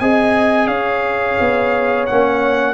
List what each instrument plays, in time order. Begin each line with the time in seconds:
0.00 tuba C4, trombone G#4, horn D#5, trumpet G#5
0.67 tuba C#4, horn C#5, trumpet F5
1.40 tuba B3
2.06 tuba A#3, trombone C#4, trumpet F#5